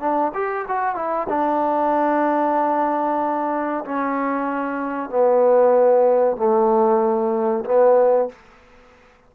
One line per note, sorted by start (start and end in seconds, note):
0.00 0.32 D4
0.34 0.66 G4
0.68 0.95 F#4
0.95 1.27 E4
1.29 3.84 D4
3.85 5.09 C#4
5.09 6.37 B3
6.37 7.65 A3
7.65 8.29 B3